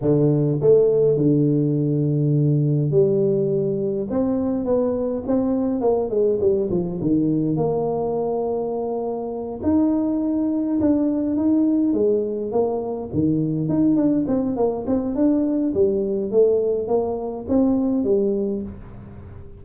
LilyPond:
\new Staff \with { instrumentName = "tuba" } { \time 4/4 \tempo 4 = 103 d4 a4 d2~ | d4 g2 c'4 | b4 c'4 ais8 gis8 g8 f8 | dis4 ais2.~ |
ais8 dis'2 d'4 dis'8~ | dis'8 gis4 ais4 dis4 dis'8 | d'8 c'8 ais8 c'8 d'4 g4 | a4 ais4 c'4 g4 | }